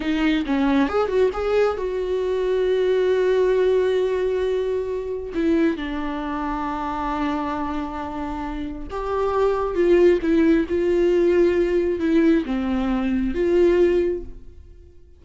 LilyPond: \new Staff \with { instrumentName = "viola" } { \time 4/4 \tempo 4 = 135 dis'4 cis'4 gis'8 fis'8 gis'4 | fis'1~ | fis'1 | e'4 d'2.~ |
d'1 | g'2 f'4 e'4 | f'2. e'4 | c'2 f'2 | }